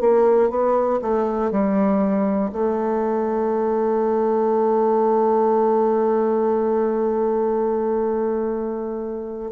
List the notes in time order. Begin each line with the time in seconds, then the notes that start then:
0.00 A#3
0.50 B3
1.02 A3
1.51 G3
2.52 A3